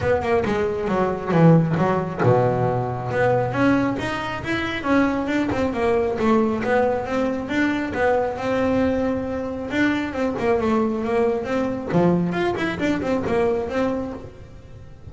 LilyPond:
\new Staff \with { instrumentName = "double bass" } { \time 4/4 \tempo 4 = 136 b8 ais8 gis4 fis4 e4 | fis4 b,2 b4 | cis'4 dis'4 e'4 cis'4 | d'8 c'8 ais4 a4 b4 |
c'4 d'4 b4 c'4~ | c'2 d'4 c'8 ais8 | a4 ais4 c'4 f4 | f'8 e'8 d'8 c'8 ais4 c'4 | }